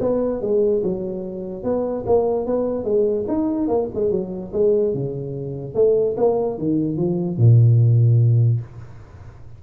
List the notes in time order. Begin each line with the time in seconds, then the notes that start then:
0.00 B3
0.41 G#3
0.83 F#3
1.63 B3
2.06 A#3
2.46 B3
2.84 G#3
3.28 D#4
3.68 A#3
3.95 G#3
4.11 F#3
4.53 G#3
4.94 C#3
5.74 A3
6.17 A#3
6.58 D#3
6.97 F3
7.37 A#2